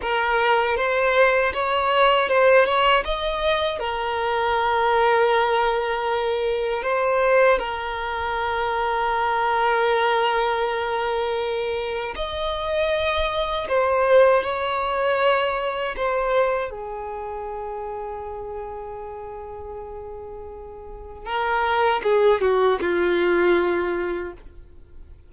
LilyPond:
\new Staff \with { instrumentName = "violin" } { \time 4/4 \tempo 4 = 79 ais'4 c''4 cis''4 c''8 cis''8 | dis''4 ais'2.~ | ais'4 c''4 ais'2~ | ais'1 |
dis''2 c''4 cis''4~ | cis''4 c''4 gis'2~ | gis'1 | ais'4 gis'8 fis'8 f'2 | }